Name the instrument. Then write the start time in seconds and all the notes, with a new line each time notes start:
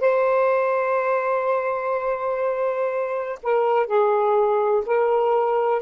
saxophone
0.00 C5
3.43 A#4
3.87 G#4
4.86 A#4